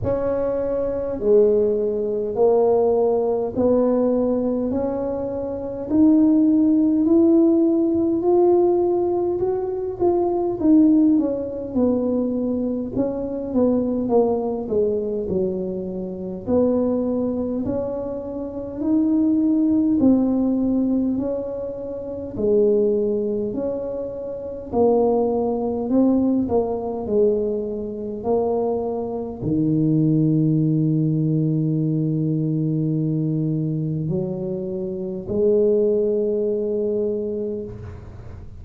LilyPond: \new Staff \with { instrumentName = "tuba" } { \time 4/4 \tempo 4 = 51 cis'4 gis4 ais4 b4 | cis'4 dis'4 e'4 f'4 | fis'8 f'8 dis'8 cis'8 b4 cis'8 b8 | ais8 gis8 fis4 b4 cis'4 |
dis'4 c'4 cis'4 gis4 | cis'4 ais4 c'8 ais8 gis4 | ais4 dis2.~ | dis4 fis4 gis2 | }